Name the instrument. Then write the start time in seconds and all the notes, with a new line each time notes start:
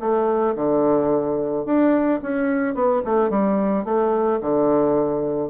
bassoon
0.00 A3
0.56 D3
1.65 D4
2.22 C#4
2.74 B3
3.05 A3
3.30 G3
3.85 A3
4.41 D3